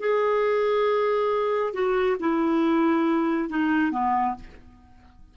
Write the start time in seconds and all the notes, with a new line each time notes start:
0.00 G#4
1.74 F#4
2.20 E4
3.50 D#4
3.92 B3